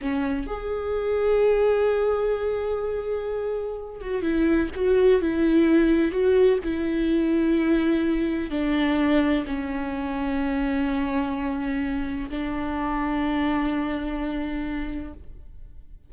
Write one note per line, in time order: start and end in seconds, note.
0.01 0.46 C#4
0.46 4.01 G#4
4.01 4.22 F#4
4.22 4.69 E4
4.74 5.21 F#4
5.21 6.11 E4
6.11 6.58 F#4
6.63 8.50 E4
8.50 9.44 D4
9.46 12.29 C#4
12.29 15.13 D4